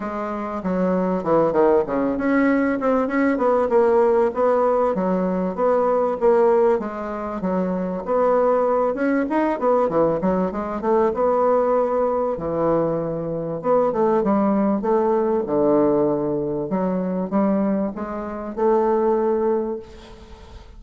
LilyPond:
\new Staff \with { instrumentName = "bassoon" } { \time 4/4 \tempo 4 = 97 gis4 fis4 e8 dis8 cis8 cis'8~ | cis'8 c'8 cis'8 b8 ais4 b4 | fis4 b4 ais4 gis4 | fis4 b4. cis'8 dis'8 b8 |
e8 fis8 gis8 a8 b2 | e2 b8 a8 g4 | a4 d2 fis4 | g4 gis4 a2 | }